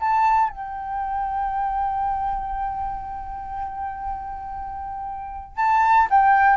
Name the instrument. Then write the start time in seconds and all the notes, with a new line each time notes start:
flute
0.00 A5
0.49 G5
5.57 A5
6.10 G5